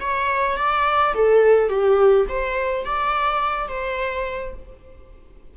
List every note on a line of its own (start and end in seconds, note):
0.00 0.57 C#5
0.57 1.14 D5
1.14 1.69 A4
1.69 2.26 G4
2.29 2.85 C5
2.85 3.68 D5
3.68 4.54 C5